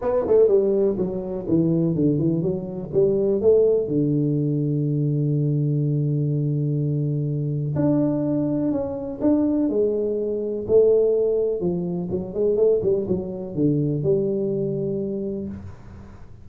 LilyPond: \new Staff \with { instrumentName = "tuba" } { \time 4/4 \tempo 4 = 124 b8 a8 g4 fis4 e4 | d8 e8 fis4 g4 a4 | d1~ | d1 |
d'2 cis'4 d'4 | gis2 a2 | f4 fis8 gis8 a8 g8 fis4 | d4 g2. | }